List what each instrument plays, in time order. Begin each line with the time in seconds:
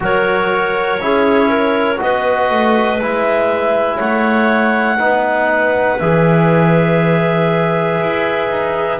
0.00 double bass F#3, trombone F#4, clarinet A#4 C#5
0.99 double bass C#4, trombone E4, clarinet G#4
1.49 clarinet A#4
1.97 double bass B3, trombone F#4, clarinet B4 D#5
2.50 double bass A3
2.99 double bass G#3, trombone E4, clarinet E5
3.96 double bass A3, clarinet C#5 F#5
4.98 double bass B3, trombone D#4, clarinet B4
5.99 double bass E3, trombone G#4, clarinet E5
8.01 double bass E4
8.49 double bass D#4